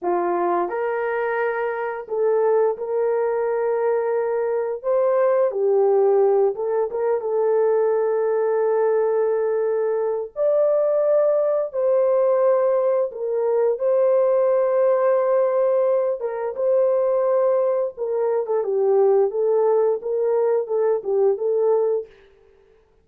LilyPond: \new Staff \with { instrumentName = "horn" } { \time 4/4 \tempo 4 = 87 f'4 ais'2 a'4 | ais'2. c''4 | g'4. a'8 ais'8 a'4.~ | a'2. d''4~ |
d''4 c''2 ais'4 | c''2.~ c''8 ais'8 | c''2 ais'8. a'16 g'4 | a'4 ais'4 a'8 g'8 a'4 | }